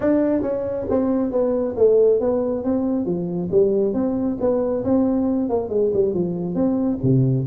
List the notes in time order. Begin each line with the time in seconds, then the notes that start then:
0.00 D4
0.42 C#4
0.89 C4
1.31 B3
1.76 A3
2.20 B3
2.64 C4
3.05 F3
3.51 G3
3.93 C4
4.40 B3
4.84 C4
5.49 A#3
5.69 G#3
5.93 G3
6.14 F3
6.54 C4
7.03 C3